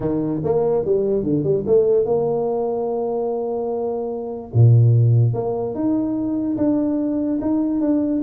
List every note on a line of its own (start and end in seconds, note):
0.00 0.41 D#3
0.44 0.85 A#3
0.85 1.23 G3
1.23 1.43 D3
1.43 1.64 G3
1.66 2.05 A3
2.05 4.51 A#3
4.53 5.33 A#2
5.33 5.74 A#3
5.74 6.57 D#4
6.57 7.39 D4
7.41 7.80 D#4
7.80 8.22 D4